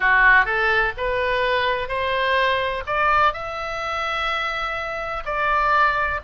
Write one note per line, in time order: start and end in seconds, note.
0.00 0.45 F#4
0.45 0.92 A4
0.97 1.88 B4
1.88 2.83 C5
2.86 3.33 D5
3.33 5.23 E5
5.25 6.20 D5